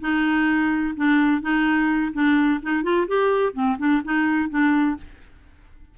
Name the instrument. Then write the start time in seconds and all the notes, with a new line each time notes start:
clarinet
0.00 D#4
0.96 D4
1.41 D#4
2.13 D4
2.62 D#4
2.83 F4
3.07 G4
3.53 C4
3.78 D4
4.04 D#4
4.49 D4